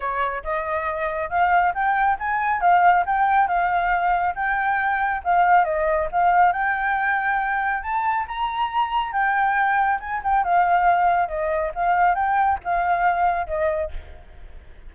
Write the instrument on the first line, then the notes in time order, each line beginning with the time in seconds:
flute
0.00 C#5
0.43 D#5
1.29 F5
1.74 G5
2.19 G#5
2.60 F5
3.06 G5
3.47 F5
4.35 G5
5.24 F5
5.64 D#5
6.11 F5
6.52 G5
7.82 A5
8.27 A#5
9.12 G5
9.99 G#5
10.23 G5
10.44 F5
11.28 D#5
11.75 F5
12.15 G5
12.64 F5
13.47 D#5